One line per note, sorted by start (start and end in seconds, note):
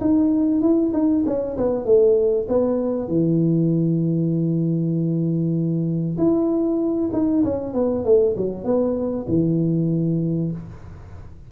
0.00 0.61 D#4
0.61 0.92 E4
0.93 1.24 D#4
1.26 1.57 C#4
1.57 1.85 B3
1.85 2.47 A3
2.48 3.08 B3
3.08 6.17 E3
6.17 7.10 E4
7.13 7.44 D#4
7.44 7.73 C#4
7.73 8.04 B3
8.04 8.35 A3
8.36 8.64 F#3
8.64 9.26 B3
9.28 10.52 E3